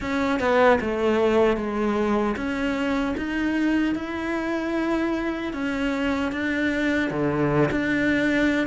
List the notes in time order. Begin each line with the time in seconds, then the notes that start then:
0.00 C#4
0.39 B3
0.80 A3
1.56 G#3
2.36 C#4
3.17 D#4
3.95 E4
5.53 C#4
6.32 D4
7.10 D3
7.71 D4